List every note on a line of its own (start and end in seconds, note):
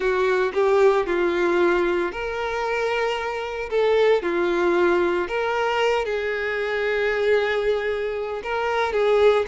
0.00 0.52 F#4
0.53 1.06 G4
1.06 2.11 F4
2.11 3.69 A#4
3.69 4.22 A4
4.22 5.28 F4
5.28 6.05 A#4
6.05 8.42 G#4
8.43 8.93 A#4
8.93 9.45 G#4